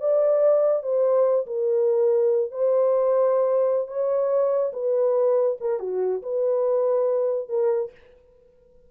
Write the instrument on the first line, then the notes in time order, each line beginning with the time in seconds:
horn
0.00 D5
0.83 C5
1.46 A#4
2.51 C5
3.87 C#5
4.72 B4
5.60 A#4
5.80 F#4
6.22 B4
7.49 A#4